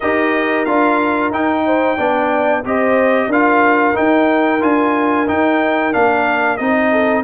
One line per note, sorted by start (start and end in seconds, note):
0.00 0.67 D#4
0.00 0.67 G4
0.00 1.63 A#4
0.00 0.65 D#5
0.65 1.30 D4
0.65 1.32 F4
0.65 1.31 F5
1.30 1.96 D#4
1.30 1.98 D#4
1.30 2.64 G5
1.66 1.97 C5
1.97 2.64 B3
1.97 2.63 D4
1.97 2.63 D5
2.65 3.27 C4
2.65 3.31 G4
2.65 3.28 C5
2.65 3.32 D#5
3.27 3.93 D4
3.27 3.94 F4
3.27 6.91 A#4
3.27 3.96 F5
3.94 4.60 D#4
3.94 4.62 D#4
3.94 4.62 G5
4.60 5.28 D4
4.60 5.26 F4
4.60 5.28 G#5
5.27 5.92 D#4
5.27 5.94 D#4
5.27 5.93 G5
5.92 6.59 A#3
5.92 6.58 D4
5.92 6.57 F5
6.57 7.23 C4
6.57 7.23 D#4
6.57 7.23 D#5
6.91 7.23 A4